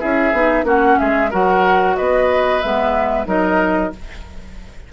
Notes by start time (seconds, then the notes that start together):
0.00 C#4 E4 G#4 E5
0.33 B3 D#4
0.64 A#3 C#4 F#4 F#5
0.99 G#3 G#4 E5
1.31 F#3 F#4 A#4 F#5
1.96 B3 B4 D#5
2.61 G#3 B3 E5
3.26 F#3 D#4 A#4 D#5